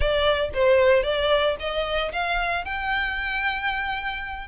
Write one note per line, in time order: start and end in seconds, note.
0.00 0.50 D5
0.54 1.03 C5
1.03 1.56 D5
1.59 2.12 D#5
2.12 2.64 F5
2.64 4.47 G5